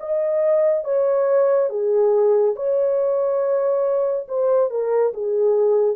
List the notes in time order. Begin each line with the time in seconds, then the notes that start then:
0.00 D#5
0.85 C#5
1.69 G#4
2.56 C#5
4.28 C5
4.70 A#4
5.14 G#4